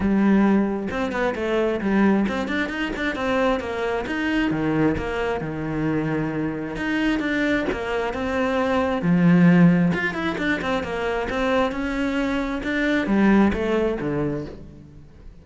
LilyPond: \new Staff \with { instrumentName = "cello" } { \time 4/4 \tempo 4 = 133 g2 c'8 b8 a4 | g4 c'8 d'8 dis'8 d'8 c'4 | ais4 dis'4 dis4 ais4 | dis2. dis'4 |
d'4 ais4 c'2 | f2 f'8 e'8 d'8 c'8 | ais4 c'4 cis'2 | d'4 g4 a4 d4 | }